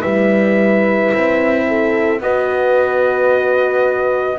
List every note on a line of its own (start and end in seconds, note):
0.00 1.12 G3
0.00 2.19 E4
0.00 1.64 B4
0.00 2.20 E5
1.14 2.20 C4
1.67 2.22 A4
2.20 4.38 B3
2.20 4.38 F#4
2.20 4.38 B4
2.20 4.38 D#5